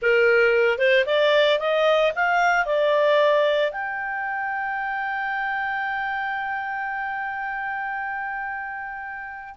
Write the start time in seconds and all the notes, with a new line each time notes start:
0.01 A#4
0.78 C5
1.06 D5
1.59 D#5
2.15 F5
2.65 D5
3.71 G5